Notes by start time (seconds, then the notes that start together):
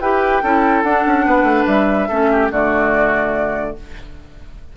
0.00 E4 G4 B4 G5
0.43 C#4 E4 A4
0.82 D4 F#5
1.06 C#4
1.26 B3 B4
1.43 A3
1.67 G3 E5
2.09 A3 C#4 A4
2.32 G4
2.51 D3 A3 F#4 D5